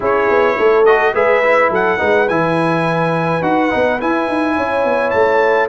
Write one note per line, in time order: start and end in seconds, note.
0.00 0.29 C#4
0.00 0.84 E4
0.00 0.56 G#4
0.00 0.85 C#5
0.29 0.58 B3
0.57 1.14 A3
0.57 1.14 A4
0.85 1.14 F#4
0.85 1.13 D#5
1.14 1.70 G#3
1.14 1.43 G#4
1.14 1.70 B4
1.14 1.71 E5
1.43 1.98 E4
1.70 1.98 F#3
1.70 1.97 A4
1.70 2.28 F#5
1.97 2.29 G#3
1.97 2.26 D#4
1.97 4.55 B4
2.28 3.42 E3
2.28 3.42 E4
2.28 3.42 G#5
3.42 3.70 D#4
3.42 3.70 F#4
3.42 4.00 F#5
3.70 4.02 B3
3.70 3.99 D#4
3.99 5.69 E4
3.99 4.28 E4
3.99 5.10 G#5
4.28 4.57 D#4
4.56 4.84 C#4
4.56 5.69 C#5
4.84 5.13 B3
5.10 5.69 A3
5.10 5.67 A5